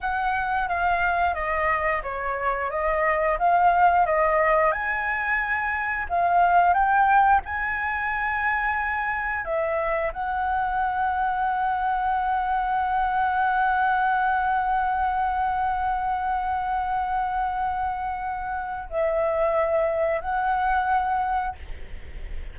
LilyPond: \new Staff \with { instrumentName = "flute" } { \time 4/4 \tempo 4 = 89 fis''4 f''4 dis''4 cis''4 | dis''4 f''4 dis''4 gis''4~ | gis''4 f''4 g''4 gis''4~ | gis''2 e''4 fis''4~ |
fis''1~ | fis''1~ | fis''1 | e''2 fis''2 | }